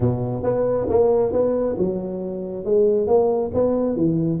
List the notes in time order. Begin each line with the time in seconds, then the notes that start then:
0.00 B2
0.43 B3
0.89 A#3
1.32 B3
1.77 F#3
2.64 G#3
3.07 A#3
3.53 B3
3.96 E3